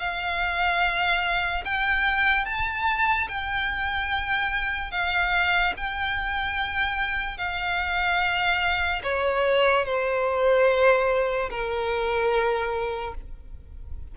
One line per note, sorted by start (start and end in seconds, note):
0.00 1.64 F5
1.65 2.46 G5
2.46 3.28 A5
3.29 4.92 G5
4.92 5.74 F5
5.77 7.38 G5
7.38 9.02 F5
9.04 9.86 C#5
9.86 11.50 C5
11.51 13.15 A#4